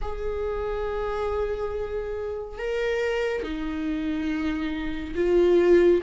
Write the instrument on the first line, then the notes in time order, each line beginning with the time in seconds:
viola
0.01 G#4
2.58 A#4
3.42 D#4
5.15 F4